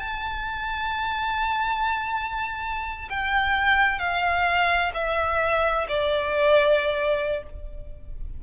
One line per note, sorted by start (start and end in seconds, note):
0.00 3.09 A5
3.10 3.99 G5
3.99 4.92 F5
4.95 5.87 E5
5.89 7.44 D5